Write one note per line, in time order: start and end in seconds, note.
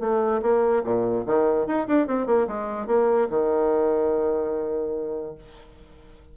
0.00 0.41 A3
0.42 0.83 A#3
0.84 1.25 A#2
1.26 1.67 D#3
1.67 1.87 D#4
1.87 2.07 D4
2.07 2.26 C4
2.26 2.47 A#3
2.48 2.87 G#3
2.87 3.28 A#3
3.29 5.35 D#3